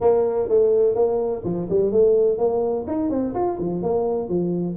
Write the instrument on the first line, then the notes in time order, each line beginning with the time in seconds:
tuba
0.01 A#3
0.48 A3
0.95 A#3
1.44 F3
1.69 G3
1.91 A3
2.38 A#3
2.87 D#4
3.10 C4
3.34 F4
3.59 F3
3.82 A#3
4.28 F3